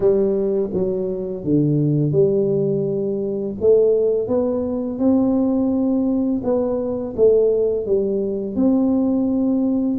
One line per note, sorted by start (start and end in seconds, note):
0.00 0.69 G3
0.73 1.44 F#3
1.44 2.12 D3
2.12 3.55 G3
3.60 4.27 A3
4.27 4.98 B3
4.98 6.41 C4
6.43 7.14 B3
7.16 7.86 A3
7.86 8.55 G3
8.55 9.98 C4